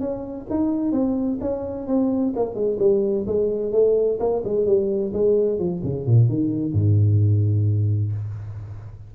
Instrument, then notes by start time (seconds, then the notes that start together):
tuba
0.00 C#4
0.50 D#4
0.92 C4
1.41 C#4
1.88 C4
2.36 A#3
2.55 G#3
2.79 G3
3.27 G#3
3.72 A3
4.20 A#3
4.44 G#3
4.66 G3
5.13 G#3
5.59 F3
5.83 C#3
6.07 A#2
6.29 D#3
6.73 G#2